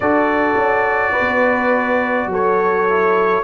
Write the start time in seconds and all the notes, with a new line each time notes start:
0.00 D4 F#4 A4 D5
0.56 C#4
1.12 B4
1.19 B3
2.26 F#3 A4
2.33 C#5
2.89 E4